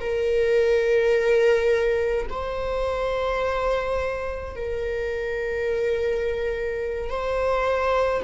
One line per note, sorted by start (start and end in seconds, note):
0.00 2.26 A#4
2.29 4.55 C5
4.56 7.10 A#4
7.10 8.23 C5